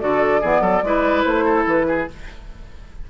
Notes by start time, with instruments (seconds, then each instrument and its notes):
0.00 bassoon D3, clarinet F#4, oboe A4, flute D5
0.41 bassoon E3, clarinet B3, oboe G#4
0.61 bassoon F#3, oboe A4
0.83 bassoon G#3, clarinet E4, oboe B4
1.24 bassoon A3, flute C5
1.45 oboe A4
1.67 bassoon E3, flute B4
1.88 oboe G#4